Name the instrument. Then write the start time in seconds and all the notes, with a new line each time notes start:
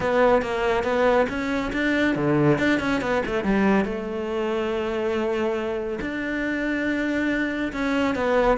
cello
0.00 B3
0.41 A#3
0.83 B3
1.29 C#4
1.73 D4
2.15 D3
2.58 D4
2.79 C#4
3.01 B3
3.26 A3
3.44 G3
3.85 A3
6.01 D4
7.72 C#4
8.15 B3